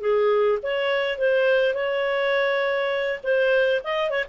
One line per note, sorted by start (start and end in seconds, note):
0.00 0.58 G#4
0.62 1.18 C#5
1.18 1.74 C5
1.74 3.20 C#5
3.23 3.81 C5
3.83 4.10 D#5
4.10 4.24 C#5